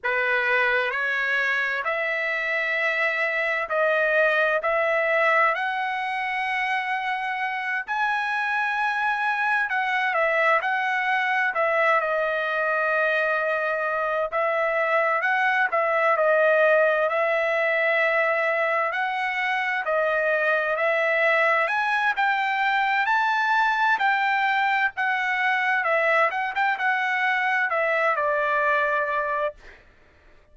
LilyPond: \new Staff \with { instrumentName = "trumpet" } { \time 4/4 \tempo 4 = 65 b'4 cis''4 e''2 | dis''4 e''4 fis''2~ | fis''8 gis''2 fis''8 e''8 fis''8~ | fis''8 e''8 dis''2~ dis''8 e''8~ |
e''8 fis''8 e''8 dis''4 e''4.~ | e''8 fis''4 dis''4 e''4 gis''8 | g''4 a''4 g''4 fis''4 | e''8 fis''16 g''16 fis''4 e''8 d''4. | }